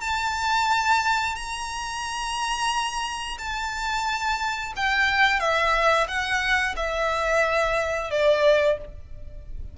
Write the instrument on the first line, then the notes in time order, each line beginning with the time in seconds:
violin
0.00 A5
1.35 A#5
3.38 A5
4.76 G5
5.39 E5
6.07 F#5
6.76 E5
8.10 D5